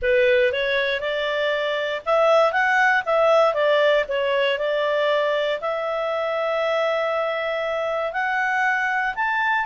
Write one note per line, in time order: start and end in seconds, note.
0.02 0.52 B4
0.52 1.00 C#5
1.00 2.02 D5
2.05 2.52 E5
2.52 3.03 F#5
3.05 3.54 E5
3.54 4.04 D5
4.08 4.58 C#5
4.58 5.60 D5
5.60 8.12 E5
8.12 9.14 F#5
9.15 9.65 A5